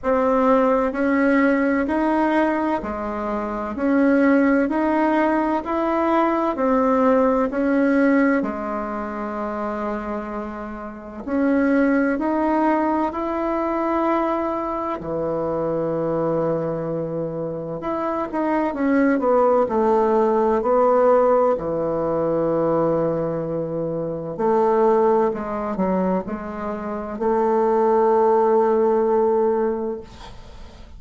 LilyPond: \new Staff \with { instrumentName = "bassoon" } { \time 4/4 \tempo 4 = 64 c'4 cis'4 dis'4 gis4 | cis'4 dis'4 e'4 c'4 | cis'4 gis2. | cis'4 dis'4 e'2 |
e2. e'8 dis'8 | cis'8 b8 a4 b4 e4~ | e2 a4 gis8 fis8 | gis4 a2. | }